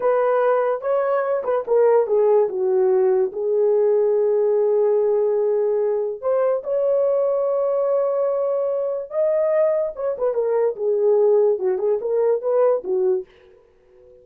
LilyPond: \new Staff \with { instrumentName = "horn" } { \time 4/4 \tempo 4 = 145 b'2 cis''4. b'8 | ais'4 gis'4 fis'2 | gis'1~ | gis'2. c''4 |
cis''1~ | cis''2 dis''2 | cis''8 b'8 ais'4 gis'2 | fis'8 gis'8 ais'4 b'4 fis'4 | }